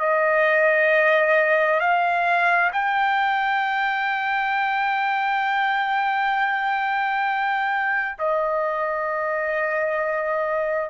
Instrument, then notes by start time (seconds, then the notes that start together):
trumpet
0.00 D#5
1.81 F5
2.73 G5
8.19 D#5